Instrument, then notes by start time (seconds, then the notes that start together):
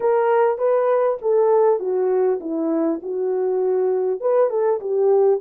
horn
0.00 A#4
0.58 B4
1.21 A4
1.79 F#4
2.40 E4
3.02 F#4
4.20 B4
4.49 A4
4.80 G4